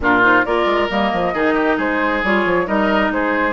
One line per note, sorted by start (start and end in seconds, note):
0.00 0.43 A#2
0.00 0.21 D4
0.00 0.45 F4
0.00 0.23 A#4
0.21 0.43 D#4
0.21 0.44 C5
0.44 0.65 A#3
0.44 0.89 F4
0.44 1.34 A#4
0.44 0.89 D5
0.65 0.88 G#3
0.89 1.12 G3
0.89 1.34 A#3
0.89 1.79 D#5
1.12 1.33 F3
1.33 1.78 D#3
1.33 2.23 D#4
1.33 1.54 G#4
1.54 1.76 G4
1.77 2.22 G#3
1.77 2.66 G#4
1.77 2.23 C5
2.23 2.45 G3
2.23 2.66 F4
2.23 2.67 C#5
2.45 2.67 F3
2.66 3.10 G3
2.66 3.53 D#4
2.66 3.11 A#4
2.66 3.11 D#5
3.10 3.53 G#3
3.10 3.53 G#4
3.10 3.53 C5